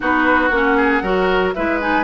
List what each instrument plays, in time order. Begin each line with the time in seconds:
0.00 bassoon B3, clarinet D#4, oboe F#4, flute B4
0.48 bassoon A#3, clarinet C#4, flute F#5
0.77 oboe G#4
1.01 bassoon F#3, clarinet F#4, oboe A#4
1.54 bassoon G#3, clarinet E4, oboe B4, flute E5
1.80 clarinet D#4, flute G#5